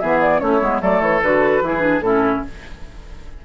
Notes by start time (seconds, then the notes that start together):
0.00 E3 B3 G#4 E5
0.21 D5
0.40 A3 C#4 E4 C#5
0.61 G#3 B3
0.81 F#3 A3 A4 D5
1.01 E3 C#5
1.22 D3 F#4 B4
1.62 E3 E4 G#4
1.80 D4
2.01 A2 C#4 E4 A4